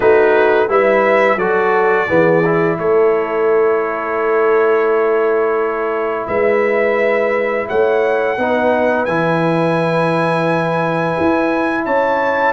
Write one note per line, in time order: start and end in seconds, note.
0.00 0.68 A3
0.00 0.68 D#4
0.00 0.68 F#4
0.00 0.68 B4
0.68 1.36 G3
0.68 1.38 E4
0.68 1.37 B4
0.68 1.38 E5
1.36 2.06 F#3
1.36 2.08 F#4
1.36 2.07 A4
1.36 2.77 D5
2.08 2.77 E3
2.08 2.43 B3
2.08 2.77 G#4
2.45 8.38 E4
2.77 6.26 A3
2.77 6.27 A4
2.77 6.27 C#5
6.27 7.67 G#3
6.27 7.67 B4
6.27 7.66 E5
7.68 8.37 A3
7.68 8.37 C#5
7.68 9.05 F#5
8.37 9.07 B3
8.37 9.07 D#4
8.37 11.85 B4
9.05 11.16 E3
9.05 12.52 E4
9.05 11.84 G#5
11.19 11.86 E4
11.85 12.52 C#4
11.85 12.52 C#5
11.85 12.52 A5